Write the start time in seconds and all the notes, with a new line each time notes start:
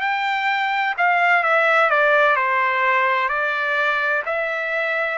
0.00 G5
0.97 F5
1.43 E5
1.90 D5
2.36 C5
3.29 D5
4.25 E5